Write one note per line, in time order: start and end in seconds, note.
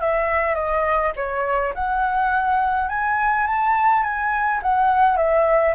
0.00 0.54 E5
0.54 1.12 D#5
1.16 1.73 C#5
1.74 2.88 F#5
2.88 3.46 G#5
3.46 4.03 A5
4.03 4.60 G#5
4.62 5.16 F#5
5.16 5.74 E5